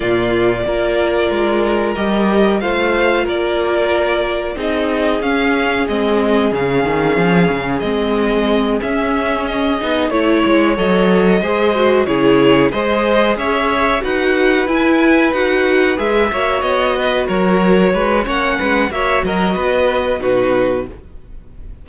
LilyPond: <<
  \new Staff \with { instrumentName = "violin" } { \time 4/4 \tempo 4 = 92 d''2. dis''4 | f''4 d''2 dis''4 | f''4 dis''4 f''2 | dis''4. e''4 dis''4 cis''8~ |
cis''8 dis''2 cis''4 dis''8~ | dis''8 e''4 fis''4 gis''4 fis''8~ | fis''8 e''4 dis''4 cis''4. | fis''4 e''8 dis''4. b'4 | }
  \new Staff \with { instrumentName = "violin" } { \time 4/4 f'4 ais'2. | c''4 ais'2 gis'4~ | gis'1~ | gis'2.~ gis'8 cis''8~ |
cis''4. c''4 gis'4 c''8~ | c''8 cis''4 b'2~ b'8~ | b'4 cis''4 b'8 ais'4 b'8 | cis''8 b'8 cis''8 ais'8 b'4 fis'4 | }
  \new Staff \with { instrumentName = "viola" } { \time 4/4 ais4 f'2 g'4 | f'2. dis'4 | cis'4 c'4 cis'2 | c'4. cis'4. dis'8 e'8~ |
e'8 a'4 gis'8 fis'8 e'4 gis'8~ | gis'4. fis'4 e'4 fis'8~ | fis'8 gis'8 fis'2. | cis'4 fis'2 dis'4 | }
  \new Staff \with { instrumentName = "cello" } { \time 4/4 ais,4 ais4 gis4 g4 | a4 ais2 c'4 | cis'4 gis4 cis8 dis8 f8 cis8 | gis4. cis'4. b8 a8 |
gis8 fis4 gis4 cis4 gis8~ | gis8 cis'4 dis'4 e'4 dis'8~ | dis'8 gis8 ais8 b4 fis4 gis8 | ais8 gis8 ais8 fis8 b4 b,4 | }
>>